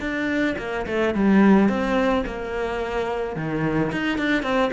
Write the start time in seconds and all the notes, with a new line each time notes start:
0.00 D4
0.58 A#3
0.87 A3
1.15 G3
1.69 C4
2.26 A#3
3.36 D#3
3.92 D#4
4.18 D4
4.43 C4